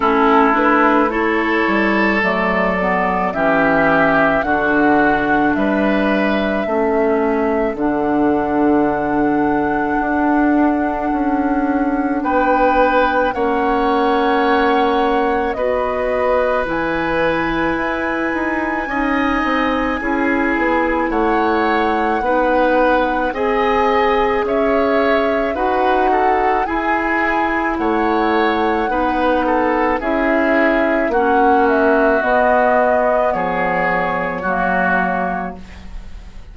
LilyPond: <<
  \new Staff \with { instrumentName = "flute" } { \time 4/4 \tempo 4 = 54 a'8 b'8 cis''4 d''4 e''4 | fis''4 e''2 fis''4~ | fis''2. g''4 | fis''2 dis''4 gis''4~ |
gis''2. fis''4~ | fis''4 gis''4 e''4 fis''4 | gis''4 fis''2 e''4 | fis''8 e''8 dis''4 cis''2 | }
  \new Staff \with { instrumentName = "oboe" } { \time 4/4 e'4 a'2 g'4 | fis'4 b'4 a'2~ | a'2. b'4 | cis''2 b'2~ |
b'4 dis''4 gis'4 cis''4 | b'4 dis''4 cis''4 b'8 a'8 | gis'4 cis''4 b'8 a'8 gis'4 | fis'2 gis'4 fis'4 | }
  \new Staff \with { instrumentName = "clarinet" } { \time 4/4 cis'8 d'8 e'4 a8 b8 cis'4 | d'2 cis'4 d'4~ | d'1 | cis'2 fis'4 e'4~ |
e'4 dis'4 e'2 | dis'4 gis'2 fis'4 | e'2 dis'4 e'4 | cis'4 b2 ais4 | }
  \new Staff \with { instrumentName = "bassoon" } { \time 4/4 a4. g8 fis4 e4 | d4 g4 a4 d4~ | d4 d'4 cis'4 b4 | ais2 b4 e4 |
e'8 dis'8 cis'8 c'8 cis'8 b8 a4 | b4 c'4 cis'4 dis'4 | e'4 a4 b4 cis'4 | ais4 b4 f4 fis4 | }
>>